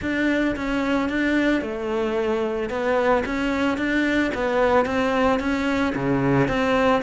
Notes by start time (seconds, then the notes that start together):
0.01 D4
0.56 C#4
1.09 D4
1.61 A3
2.69 B3
3.25 C#4
3.77 D4
4.34 B3
4.85 C4
5.39 C#4
5.95 C#3
6.48 C4